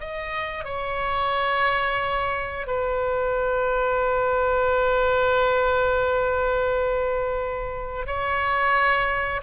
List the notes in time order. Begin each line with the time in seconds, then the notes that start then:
0.00 D#5
0.64 C#5
2.67 B4
8.06 C#5